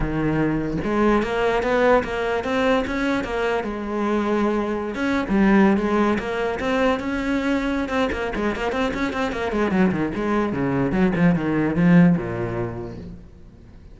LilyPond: \new Staff \with { instrumentName = "cello" } { \time 4/4 \tempo 4 = 148 dis2 gis4 ais4 | b4 ais4 c'4 cis'4 | ais4 gis2.~ | gis16 cis'8. g4~ g16 gis4 ais8.~ |
ais16 c'4 cis'2~ cis'16 c'8 | ais8 gis8 ais8 c'8 cis'8 c'8 ais8 gis8 | fis8 dis8 gis4 cis4 fis8 f8 | dis4 f4 ais,2 | }